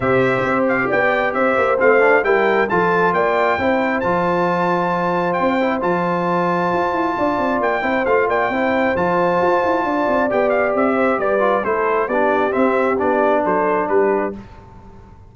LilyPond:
<<
  \new Staff \with { instrumentName = "trumpet" } { \time 4/4 \tempo 4 = 134 e''4. f''8 g''4 e''4 | f''4 g''4 a''4 g''4~ | g''4 a''2. | g''4 a''2.~ |
a''4 g''4 f''8 g''4. | a''2. g''8 f''8 | e''4 d''4 c''4 d''4 | e''4 d''4 c''4 b'4 | }
  \new Staff \with { instrumentName = "horn" } { \time 4/4 c''2 d''4 c''4~ | c''4 ais'4 a'4 d''4 | c''1~ | c''1 |
d''4. c''4 d''8 c''4~ | c''2 d''2~ | d''8 c''8 b'4 a'4 g'4~ | g'2 a'4 g'4 | }
  \new Staff \with { instrumentName = "trombone" } { \time 4/4 g'1 | c'8 d'8 e'4 f'2 | e'4 f'2.~ | f'8 e'8 f'2.~ |
f'4. e'8 f'4 e'4 | f'2. g'4~ | g'4. f'8 e'4 d'4 | c'4 d'2. | }
  \new Staff \with { instrumentName = "tuba" } { \time 4/4 c4 c'4 b4 c'8 ais8 | a4 g4 f4 ais4 | c'4 f2. | c'4 f2 f'8 e'8 |
d'8 c'8 ais8 c'8 a8 ais8 c'4 | f4 f'8 e'8 d'8 c'8 b4 | c'4 g4 a4 b4 | c'4 b4 fis4 g4 | }
>>